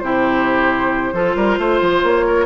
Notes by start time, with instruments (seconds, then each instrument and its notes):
0.00 bassoon C3, clarinet E4, oboe G4, flute C5
1.13 bassoon F3, clarinet F4, oboe A4
1.36 bassoon G3, oboe A#4
1.58 bassoon A3, oboe C5
1.81 bassoon F3
2.03 bassoon A#3, flute C#5
2.27 oboe A#4